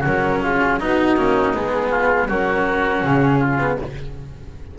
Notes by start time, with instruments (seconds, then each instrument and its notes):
0.00 double bass F#3, cello C#4, oboe F#4, flute A#4
0.42 oboe F4, flute G#4
0.79 double bass B3, oboe D#4, cello D#4, flute F#4
1.17 double bass A#3, cello C#4
1.54 double bass G#3, cello B3, flute G#4
1.90 oboe F4
2.28 double bass F#3, cello C#4, oboe F#4, flute A#4
3.03 double bass C#3, flute G#4
3.40 oboe F4
3.59 cello B3